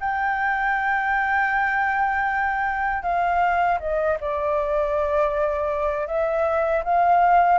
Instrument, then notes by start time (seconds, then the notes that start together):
flute
0.00 G5
3.03 F5
3.80 D#5
4.20 D5
6.07 E5
6.84 F5